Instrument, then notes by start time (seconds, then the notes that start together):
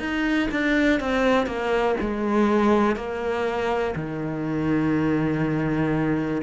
cello
0.00 D#4
0.52 D4
1.01 C4
1.47 A#3
2.01 G#3
2.96 A#3
3.96 D#3